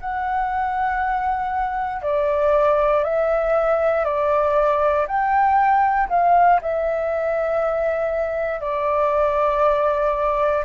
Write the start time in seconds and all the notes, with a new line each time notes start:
0.00 F#5
2.02 D5
3.04 E5
4.05 D5
5.07 G5
6.09 F5
6.61 E5
8.61 D5